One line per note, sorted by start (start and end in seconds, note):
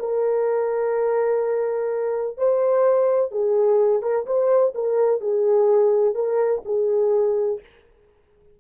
0.00 2.38 A#4
2.38 3.32 C5
3.32 4.03 G#4
4.03 4.26 A#4
4.27 4.74 C5
4.75 5.21 A#4
5.21 6.15 G#4
6.15 6.63 A#4
6.65 7.61 G#4